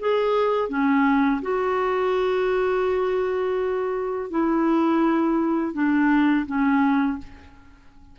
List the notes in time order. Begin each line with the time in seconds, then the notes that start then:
0.00 G#4
0.69 C#4
1.42 F#4
4.30 E4
5.73 D4
6.46 C#4